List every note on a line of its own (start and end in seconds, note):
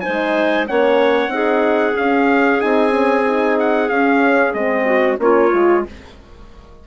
0.00 0.67 D#4
0.00 0.67 C5
0.00 0.65 G#5
0.07 0.70 G#3
0.67 1.28 A#3
0.67 1.28 C#4
0.67 1.33 C#5
0.67 1.96 F#5
1.28 1.92 C4
1.28 1.93 D#4
1.28 4.85 G#4
1.94 2.59 C#4
1.94 2.63 C#4
1.94 2.60 F5
2.59 3.90 C4
2.59 2.90 D#4
2.59 3.57 G#5
2.90 3.23 C#4
3.26 3.90 D#4
3.59 3.89 F#5
3.89 4.53 C#4
3.89 4.55 C#4
3.89 4.53 F5
4.53 5.18 G#3
4.53 5.18 C4
4.53 5.18 D#5
4.85 5.17 F#4
5.18 5.51 A#3
5.18 5.50 C#4
5.18 5.86 F4
5.18 5.85 C#5
5.51 5.85 G#3
5.51 5.83 F4